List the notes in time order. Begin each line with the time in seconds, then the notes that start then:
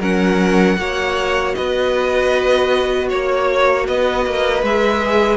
0.00 F#3 C#4 A#4 F#5
0.77 A#3 F#4 C#5
1.54 B3 B4 D#5
3.09 A#3 C#5
3.87 B3 B4 D#5
4.26 A#3
4.63 G#3 G#4 E5